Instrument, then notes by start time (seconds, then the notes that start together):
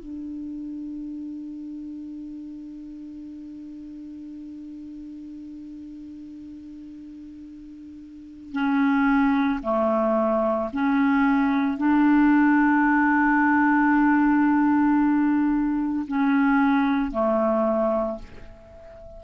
clarinet
0.00 D4
8.53 C#4
9.63 A3
10.73 C#4
11.78 D4
16.08 C#4
17.12 A3